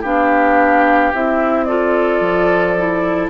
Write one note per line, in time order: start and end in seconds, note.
0.00 1.12 B3
0.00 1.13 D4
0.00 1.64 G4
0.00 1.13 F5
1.13 2.20 C4
1.13 1.68 E4
1.13 1.64 E5
1.64 2.77 F4
1.64 3.29 A4
1.64 3.27 D5
2.20 3.29 F3
2.77 3.29 E4